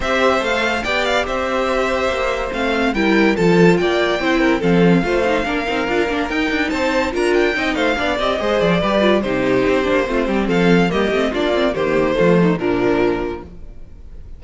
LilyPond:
<<
  \new Staff \with { instrumentName = "violin" } { \time 4/4 \tempo 4 = 143 e''4 f''4 g''8 f''8 e''4~ | e''2 f''4 g''4 | a''4 g''2 f''4~ | f''2. g''4 |
a''4 ais''8 g''4 f''4 dis''8~ | dis''8 d''4. c''2~ | c''4 f''4 dis''4 d''4 | c''2 ais'2 | }
  \new Staff \with { instrumentName = "violin" } { \time 4/4 c''2 d''4 c''4~ | c''2. ais'4 | a'4 d''4 c''8 ais'8 a'4 | c''4 ais'2. |
c''4 ais'4 dis''8 c''8 d''4 | c''4 b'4 g'2 | f'8 g'8 a'4 g'4 f'4 | g'4 f'8 dis'8 d'2 | }
  \new Staff \with { instrumentName = "viola" } { \time 4/4 g'4 a'4 g'2~ | g'2 c'4 e'4 | f'2 e'4 c'4 | f'8 dis'8 d'8 dis'8 f'8 d'8 dis'4~ |
dis'4 f'4 dis'4 d'8 g'8 | gis'4 g'8 f'8 dis'4. d'8 | c'2 ais8 c'8 d'8 c'8 | ais4 a4 f2 | }
  \new Staff \with { instrumentName = "cello" } { \time 4/4 c'4 a4 b4 c'4~ | c'4 ais4 a4 g4 | f4 ais4 c'4 f4 | a4 ais8 c'8 d'8 ais8 dis'8 d'8 |
c'4 d'4 c'8 a8 b8 c'8 | gis8 f8 g4 c4 c'8 ais8 | a8 g8 f4 g8 a8 ais4 | dis4 f4 ais,2 | }
>>